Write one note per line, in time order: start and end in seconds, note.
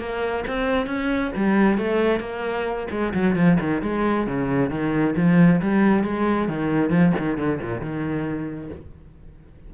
0.00 0.45 A#3
0.48 0.87 C4
0.87 1.31 C#4
1.36 1.78 G3
1.78 2.20 A3
2.20 2.88 A#3
2.91 3.14 G#3
3.14 3.36 F#3
3.36 3.58 F3
3.60 3.82 D#3
3.82 4.27 G#3
4.27 4.70 C#3
4.70 5.15 D#3
5.17 5.61 F3
5.62 6.04 G3
6.04 6.48 G#3
6.48 6.90 D#3
6.90 7.13 F3
7.19 7.38 D#3
7.38 7.60 D3
7.62 7.81 A#2
7.81 8.71 D#3